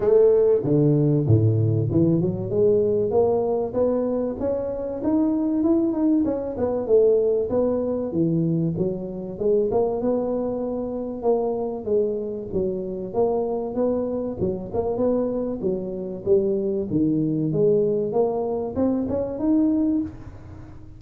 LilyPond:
\new Staff \with { instrumentName = "tuba" } { \time 4/4 \tempo 4 = 96 a4 d4 a,4 e8 fis8 | gis4 ais4 b4 cis'4 | dis'4 e'8 dis'8 cis'8 b8 a4 | b4 e4 fis4 gis8 ais8 |
b2 ais4 gis4 | fis4 ais4 b4 fis8 ais8 | b4 fis4 g4 dis4 | gis4 ais4 c'8 cis'8 dis'4 | }